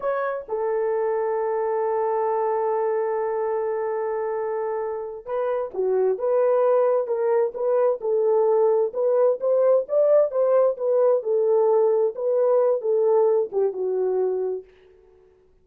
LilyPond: \new Staff \with { instrumentName = "horn" } { \time 4/4 \tempo 4 = 131 cis''4 a'2.~ | a'1~ | a'2.~ a'8 b'8~ | b'8 fis'4 b'2 ais'8~ |
ais'8 b'4 a'2 b'8~ | b'8 c''4 d''4 c''4 b'8~ | b'8 a'2 b'4. | a'4. g'8 fis'2 | }